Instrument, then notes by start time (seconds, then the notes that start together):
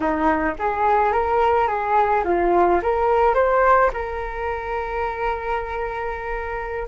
flute
0.00 D#4
0.58 G#4
1.12 A#4
1.67 G#4
2.24 F4
2.82 A#4
3.34 C5
3.93 A#4